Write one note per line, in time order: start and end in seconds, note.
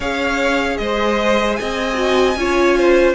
0.00 0.77 C#4
0.00 1.93 G#4
0.00 0.79 C#5
0.00 0.77 F5
0.77 1.58 G#3
0.77 1.59 C5
0.77 1.55 D#5
1.55 2.36 C4
1.55 2.38 D#5
1.55 3.13 G#5
1.93 2.33 F#4
2.36 3.14 C#4
2.36 3.14 F4
2.36 2.77 C#5
2.77 3.14 C5